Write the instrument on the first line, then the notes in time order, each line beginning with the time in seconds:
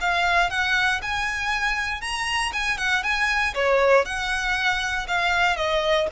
violin
0.00 F5
0.50 F#5
1.02 G#5
2.01 A#5
2.53 G#5
2.78 F#5
3.03 G#5
3.54 C#5
4.05 F#5
5.07 F5
5.56 D#5